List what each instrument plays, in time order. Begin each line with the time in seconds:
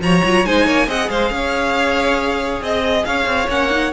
0.00 cello F3, viola F#4, violin C#5 A#5
0.24 cello F#3, viola F4
0.45 cello G#3, viola D#4, violin C5 G#5
0.65 cello A#3, violin C#5
0.87 cello C4, viola G#4, violin D#5 F#5
1.09 cello G#3, violin C5 F5
1.31 cello C#4, violin C#5
2.62 cello C4, violin D#5
3.05 cello C#4, violin C#5 F5
3.26 cello C4
3.48 cello A#3, viola C#4, violin F#5
3.71 viola D#4